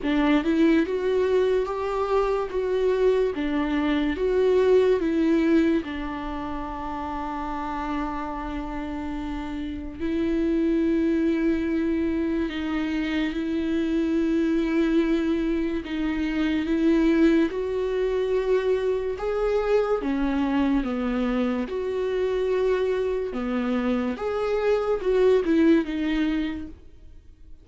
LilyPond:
\new Staff \with { instrumentName = "viola" } { \time 4/4 \tempo 4 = 72 d'8 e'8 fis'4 g'4 fis'4 | d'4 fis'4 e'4 d'4~ | d'1 | e'2. dis'4 |
e'2. dis'4 | e'4 fis'2 gis'4 | cis'4 b4 fis'2 | b4 gis'4 fis'8 e'8 dis'4 | }